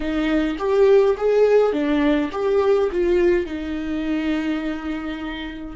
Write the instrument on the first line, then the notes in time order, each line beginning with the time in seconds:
viola
0.00 D#4
0.58 G4
1.17 G#4
1.72 D4
2.32 G4
2.91 F4
3.46 D#4